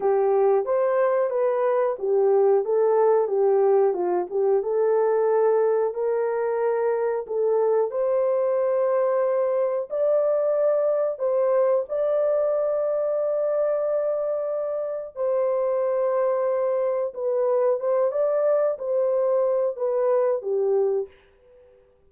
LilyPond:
\new Staff \with { instrumentName = "horn" } { \time 4/4 \tempo 4 = 91 g'4 c''4 b'4 g'4 | a'4 g'4 f'8 g'8 a'4~ | a'4 ais'2 a'4 | c''2. d''4~ |
d''4 c''4 d''2~ | d''2. c''4~ | c''2 b'4 c''8 d''8~ | d''8 c''4. b'4 g'4 | }